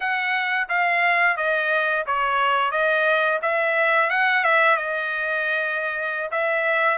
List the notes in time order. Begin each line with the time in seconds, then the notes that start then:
0.00 F#5
0.68 F5
1.36 D#5
2.06 C#5
2.71 D#5
3.42 E5
4.09 F#5
4.44 E5
4.76 D#5
6.31 E5